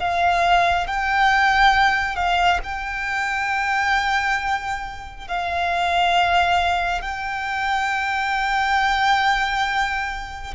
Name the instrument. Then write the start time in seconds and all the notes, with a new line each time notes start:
violin
0.00 F5
0.87 G5
2.16 F5
2.64 G5
5.28 F5
7.01 G5